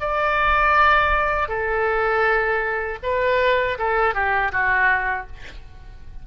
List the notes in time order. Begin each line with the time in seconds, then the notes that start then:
0.00 D5
1.48 A4
3.03 B4
3.78 A4
4.14 G4
4.52 F#4